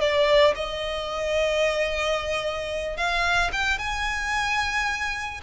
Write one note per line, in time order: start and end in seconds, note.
0.00 0.54 D5
0.55 2.97 D#5
2.97 3.51 F5
3.52 3.78 G5
3.78 5.41 G#5